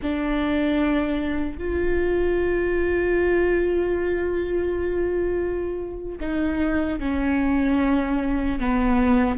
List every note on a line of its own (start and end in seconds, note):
0.02 1.58 D4
1.58 6.18 F4
6.20 6.99 D#4
6.99 8.59 C#4
8.59 9.37 B3